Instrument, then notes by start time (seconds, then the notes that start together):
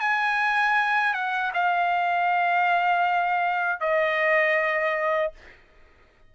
trumpet
0.00 G#5
1.14 F#5
1.54 F5
3.80 D#5